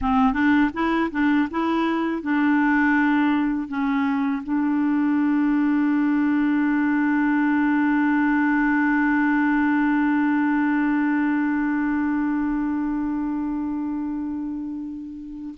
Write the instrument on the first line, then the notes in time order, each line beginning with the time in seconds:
clarinet
0.01 C4
0.33 D4
0.73 E4
1.11 D4
1.51 E4
2.22 D4
3.68 C#4
4.43 D4